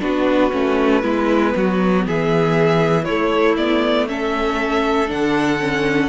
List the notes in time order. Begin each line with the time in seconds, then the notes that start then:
0.00 B3 D4 F#4 B4
0.52 A3 C#4
1.02 G#3 B3 E4
1.56 F#3 F#4
2.07 E3 G#4 E5
3.04 A3 E4 C#5
3.57 B3 D5
4.08 C#4 A4 E5
5.07 D3 D4 F#5
5.60 C#4